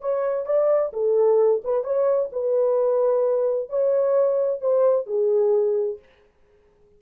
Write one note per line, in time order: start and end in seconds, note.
0.00 0.46 C#5
0.46 0.92 D5
0.93 1.62 A4
1.64 1.83 B4
1.83 2.30 C#5
2.32 3.69 B4
3.69 4.61 C#5
4.61 5.06 C5
5.06 5.99 G#4